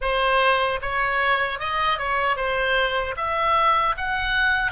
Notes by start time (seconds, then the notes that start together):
0.01 C5
0.81 C#5
1.59 D#5
1.98 C#5
2.36 C5
3.17 E5
3.97 F#5